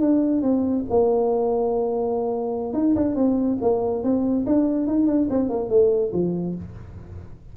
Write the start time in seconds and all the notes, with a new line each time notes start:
0.00 D4
0.42 C4
0.89 A#3
2.73 D#4
2.95 D4
3.15 C4
3.61 A#3
4.03 C4
4.46 D4
4.86 D#4
5.06 D4
5.30 C4
5.49 A#3
5.69 A3
6.12 F3